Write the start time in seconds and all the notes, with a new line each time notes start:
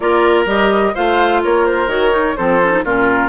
0.00 A#3 F4 A#4 D5
0.45 G3 G4 D#5
0.94 A3 F4 C5 F5
1.43 A#3 A#4 C#5
1.65 C5
1.86 D#3 F#4 C#5
2.10 D#4
2.36 F3 C4 A4 C5
2.63 C#4
2.71 D#4
2.83 A#2 C#4 F4 A#4